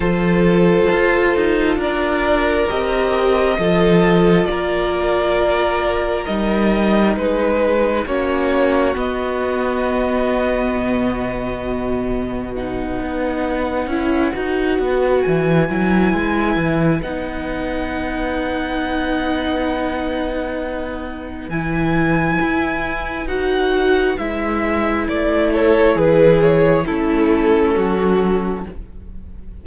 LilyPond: <<
  \new Staff \with { instrumentName = "violin" } { \time 4/4 \tempo 4 = 67 c''2 d''4 dis''4~ | dis''4 d''2 dis''4 | b'4 cis''4 dis''2~ | dis''2 fis''2~ |
fis''4 gis''2 fis''4~ | fis''1 | gis''2 fis''4 e''4 | d''8 cis''8 b'8 cis''8 a'2 | }
  \new Staff \with { instrumentName = "violin" } { \time 4/4 a'2 ais'2 | a'4 ais'2. | gis'4 fis'2.~ | fis'2 b'2~ |
b'1~ | b'1~ | b'1~ | b'8 a'8 gis'4 e'4 fis'4 | }
  \new Staff \with { instrumentName = "viola" } { \time 4/4 f'2. g'4 | f'2. dis'4~ | dis'4 cis'4 b2~ | b2 dis'4. e'8 |
fis'4. e'4. dis'4~ | dis'1 | e'2 fis'4 e'4~ | e'2 cis'2 | }
  \new Staff \with { instrumentName = "cello" } { \time 4/4 f4 f'8 dis'8 d'4 c'4 | f4 ais2 g4 | gis4 ais4 b2 | b,2~ b,8 b4 cis'8 |
dis'8 b8 e8 fis8 gis8 e8 b4~ | b1 | e4 e'4 dis'4 gis4 | a4 e4 a4 fis4 | }
>>